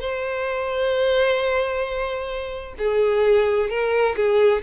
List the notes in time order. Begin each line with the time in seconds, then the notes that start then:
0.00 C5
2.78 G#4
3.70 A#4
4.16 G#4